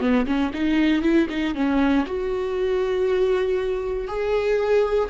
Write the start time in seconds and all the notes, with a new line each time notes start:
0.00 B3
0.26 C#4
0.53 D#4
1.02 E4
1.29 D#4
1.54 C#4
2.06 F#4
4.07 G#4